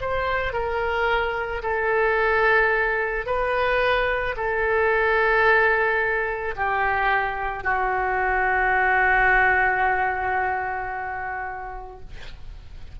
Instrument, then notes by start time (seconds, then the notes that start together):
oboe
0.00 C5
0.53 A#4
1.62 A4
3.26 B4
4.36 A4
6.56 G4
7.63 F#4